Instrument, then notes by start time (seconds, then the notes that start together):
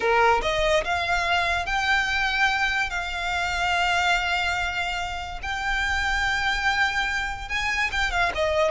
violin
0.00 A#4
0.42 D#5
0.84 F5
1.66 G5
2.90 F5
5.42 G5
7.48 G#5
7.91 G5
8.11 F5
8.34 D#5